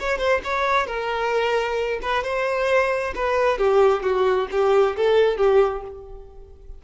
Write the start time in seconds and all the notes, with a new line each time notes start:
0.00 C#5
0.18 C5
0.44 C#5
0.87 A#4
2.02 B4
2.24 C5
3.16 B4
3.58 G4
4.03 F#4
4.51 G4
4.97 A4
5.37 G4